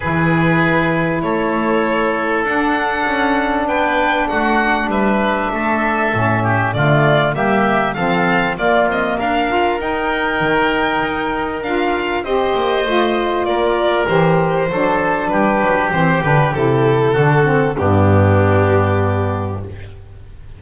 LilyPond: <<
  \new Staff \with { instrumentName = "violin" } { \time 4/4 \tempo 4 = 98 b'2 cis''2 | fis''2 g''4 fis''4 | e''2. d''4 | e''4 f''4 d''8 dis''8 f''4 |
g''2. f''4 | dis''2 d''4 c''4~ | c''4 b'4 c''8 b'8 a'4~ | a'4 g'2. | }
  \new Staff \with { instrumentName = "oboe" } { \time 4/4 gis'2 a'2~ | a'2 b'4 fis'4 | b'4 a'4. g'8 f'4 | g'4 a'4 f'4 ais'4~ |
ais'1 | c''2 ais'2 | a'4 g'2. | fis'4 d'2. | }
  \new Staff \with { instrumentName = "saxophone" } { \time 4/4 e'1 | d'1~ | d'2 cis'4 a4 | ais4 c'4 ais4. f'8 |
dis'2. f'4 | g'4 f'2 g'4 | d'2 c'8 d'8 e'4 | d'8 c'8 b2. | }
  \new Staff \with { instrumentName = "double bass" } { \time 4/4 e2 a2 | d'4 cis'4 b4 a4 | g4 a4 a,4 d4 | g4 f4 ais8 c'8 d'4 |
dis'4 dis4 dis'4 d'4 | c'8 ais8 a4 ais4 e4 | fis4 g8 fis8 e8 d8 c4 | d4 g,2. | }
>>